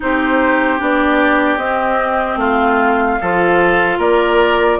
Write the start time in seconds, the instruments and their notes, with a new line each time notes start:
0.00 bassoon C4, clarinet D#4, oboe G4, flute C5
0.78 bassoon B3, clarinet D4, flute D5
1.57 bassoon C4, clarinet C4, flute D#5
2.36 bassoon A3, oboe F4, flute F5
3.20 bassoon F3, clarinet F4, oboe A4
3.98 bassoon A#3, oboe A#4, flute D5